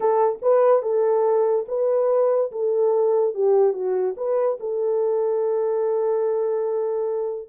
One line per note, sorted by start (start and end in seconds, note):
0.00 0.39 A4
0.41 0.82 B4
0.82 1.65 A4
1.68 2.51 B4
2.51 3.34 A4
3.34 3.73 G4
3.73 4.15 F#4
4.16 4.58 B4
4.59 7.49 A4